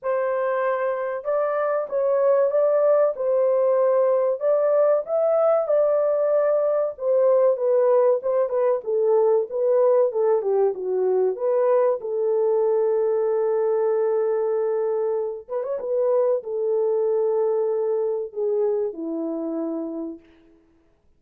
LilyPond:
\new Staff \with { instrumentName = "horn" } { \time 4/4 \tempo 4 = 95 c''2 d''4 cis''4 | d''4 c''2 d''4 | e''4 d''2 c''4 | b'4 c''8 b'8 a'4 b'4 |
a'8 g'8 fis'4 b'4 a'4~ | a'1~ | a'8 b'16 cis''16 b'4 a'2~ | a'4 gis'4 e'2 | }